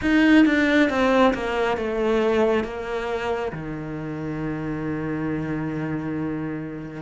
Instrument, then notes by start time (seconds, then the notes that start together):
cello
0.01 D#4
0.45 D4
0.89 C4
1.34 A#3
1.77 A3
2.64 A#3
3.52 D#3